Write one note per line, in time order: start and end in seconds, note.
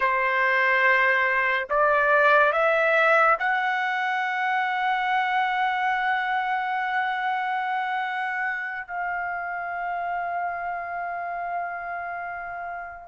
0.00 1.68 C5
1.69 2.52 D5
2.52 3.36 E5
3.39 8.87 F#5
8.87 13.07 F5